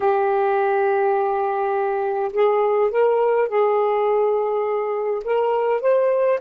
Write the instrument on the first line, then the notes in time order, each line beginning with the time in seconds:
saxophone
0.00 G4
2.32 G#4
2.90 A#4
3.48 G#4
5.24 A#4
5.81 C5